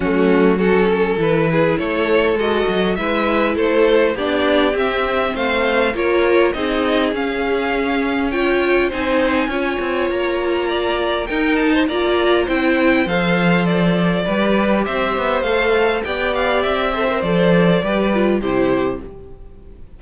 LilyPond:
<<
  \new Staff \with { instrumentName = "violin" } { \time 4/4 \tempo 4 = 101 fis'4 a'4 b'4 cis''4 | dis''4 e''4 c''4 d''4 | e''4 f''4 cis''4 dis''4 | f''2 g''4 gis''4~ |
gis''4 ais''2 g''8 a''8 | ais''4 g''4 f''4 d''4~ | d''4 e''4 f''4 g''8 f''8 | e''4 d''2 c''4 | }
  \new Staff \with { instrumentName = "violin" } { \time 4/4 cis'4 fis'8 a'4 gis'8 a'4~ | a'4 b'4 a'4 g'4~ | g'4 c''4 ais'4 gis'4~ | gis'2 cis''4 c''4 |
cis''2 d''4 ais'8. c''16 | d''4 c''2. | b'4 c''2 d''4~ | d''8 c''4. b'4 g'4 | }
  \new Staff \with { instrumentName = "viola" } { \time 4/4 a4 cis'4 e'2 | fis'4 e'2 d'4 | c'2 f'4 dis'4 | cis'2 f'4 dis'4 |
f'2. dis'4 | f'4 e'4 a'2 | g'2 a'4 g'4~ | g'8 a'16 ais'16 a'4 g'8 f'8 e'4 | }
  \new Staff \with { instrumentName = "cello" } { \time 4/4 fis2 e4 a4 | gis8 fis8 gis4 a4 b4 | c'4 a4 ais4 c'4 | cis'2. c'4 |
cis'8 c'8 ais2 dis'4 | ais4 c'4 f2 | g4 c'8 b8 a4 b4 | c'4 f4 g4 c4 | }
>>